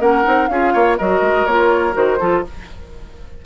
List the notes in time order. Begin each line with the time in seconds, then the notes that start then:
0.00 A#3 C#4 A#4 F#5
0.23 C4 D#4
0.48 C#4 F4 G#4 F5
0.73 A#3 C#5
0.98 F#3 F#4 A#4 D#5
1.21 G#3
1.46 A#3 F4 C#5
1.93 D#3 F#4 C5
2.20 F3 F4 A4